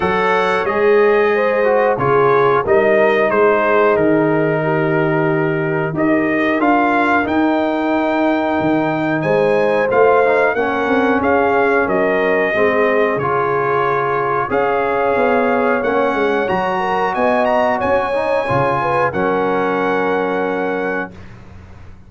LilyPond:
<<
  \new Staff \with { instrumentName = "trumpet" } { \time 4/4 \tempo 4 = 91 fis''4 dis''2 cis''4 | dis''4 c''4 ais'2~ | ais'4 dis''4 f''4 g''4~ | g''2 gis''4 f''4 |
fis''4 f''4 dis''2 | cis''2 f''2 | fis''4 ais''4 gis''8 ais''8 gis''4~ | gis''4 fis''2. | }
  \new Staff \with { instrumentName = "horn" } { \time 4/4 cis''2 c''4 gis'4 | ais'4 gis'2 g'4~ | g'4 ais'2.~ | ais'2 c''2 |
ais'4 gis'4 ais'4 gis'4~ | gis'2 cis''2~ | cis''4. ais'8 dis''4 cis''4~ | cis''8 b'8 ais'2. | }
  \new Staff \with { instrumentName = "trombone" } { \time 4/4 a'4 gis'4. fis'8 f'4 | dis'1~ | dis'4 g'4 f'4 dis'4~ | dis'2. f'8 dis'8 |
cis'2. c'4 | f'2 gis'2 | cis'4 fis'2~ fis'8 dis'8 | f'4 cis'2. | }
  \new Staff \with { instrumentName = "tuba" } { \time 4/4 fis4 gis2 cis4 | g4 gis4 dis2~ | dis4 dis'4 d'4 dis'4~ | dis'4 dis4 gis4 a4 |
ais8 c'8 cis'4 fis4 gis4 | cis2 cis'4 b4 | ais8 gis8 fis4 b4 cis'4 | cis4 fis2. | }
>>